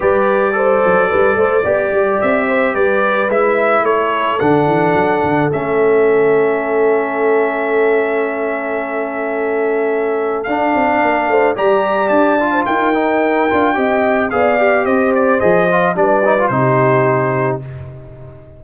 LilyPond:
<<
  \new Staff \with { instrumentName = "trumpet" } { \time 4/4 \tempo 4 = 109 d''1 | e''4 d''4 e''4 cis''4 | fis''2 e''2~ | e''1~ |
e''2. f''4~ | f''4 ais''4 a''4 g''4~ | g''2 f''4 dis''8 d''8 | dis''4 d''4 c''2 | }
  \new Staff \with { instrumentName = "horn" } { \time 4/4 b'4 c''4 b'8 c''8 d''4~ | d''8 c''8 b'2 a'4~ | a'1~ | a'1~ |
a'1 | ais'8 c''8 d''4.~ d''16 c''16 ais'4~ | ais'4 dis''4 d''4 c''4~ | c''4 b'4 g'2 | }
  \new Staff \with { instrumentName = "trombone" } { \time 4/4 g'4 a'2 g'4~ | g'2 e'2 | d'2 cis'2~ | cis'1~ |
cis'2. d'4~ | d'4 g'4. f'4 dis'8~ | dis'8 f'8 g'4 gis'8 g'4. | gis'8 f'8 d'8 dis'16 f'16 dis'2 | }
  \new Staff \with { instrumentName = "tuba" } { \time 4/4 g4. fis8 g8 a8 b8 g8 | c'4 g4 gis4 a4 | d8 e8 fis8 d8 a2~ | a1~ |
a2. d'8 c'8 | ais8 a8 g4 d'4 dis'4~ | dis'8 d'8 c'4 b4 c'4 | f4 g4 c2 | }
>>